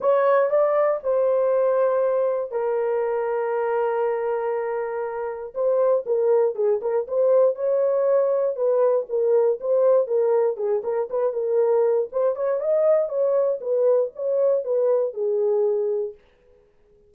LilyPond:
\new Staff \with { instrumentName = "horn" } { \time 4/4 \tempo 4 = 119 cis''4 d''4 c''2~ | c''4 ais'2.~ | ais'2. c''4 | ais'4 gis'8 ais'8 c''4 cis''4~ |
cis''4 b'4 ais'4 c''4 | ais'4 gis'8 ais'8 b'8 ais'4. | c''8 cis''8 dis''4 cis''4 b'4 | cis''4 b'4 gis'2 | }